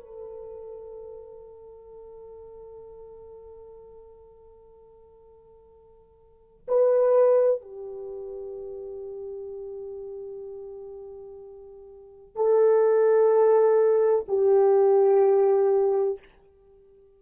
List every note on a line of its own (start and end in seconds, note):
0.00 6.67 A4
6.68 7.61 B4
7.61 12.35 G4
12.35 14.26 A4
14.28 16.19 G4